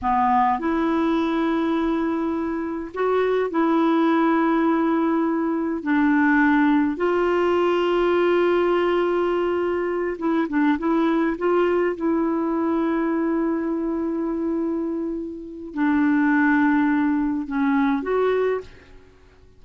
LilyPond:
\new Staff \with { instrumentName = "clarinet" } { \time 4/4 \tempo 4 = 103 b4 e'2.~ | e'4 fis'4 e'2~ | e'2 d'2 | f'1~ |
f'4. e'8 d'8 e'4 f'8~ | f'8 e'2.~ e'8~ | e'2. d'4~ | d'2 cis'4 fis'4 | }